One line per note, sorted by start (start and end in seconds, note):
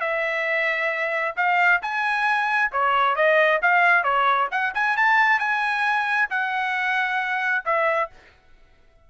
0.00 1.34 E5
1.36 1.81 F5
1.81 2.71 G#5
2.72 3.15 C#5
3.15 3.60 D#5
3.61 4.03 F5
4.03 4.48 C#5
4.51 4.73 F#5
4.74 4.96 G#5
4.96 5.39 A5
5.39 6.28 G#5
6.30 7.64 F#5
7.65 8.10 E5